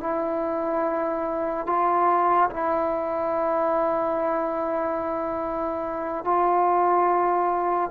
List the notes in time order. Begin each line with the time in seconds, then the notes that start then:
0.00 E4
1.67 F4
2.50 E4
6.25 F4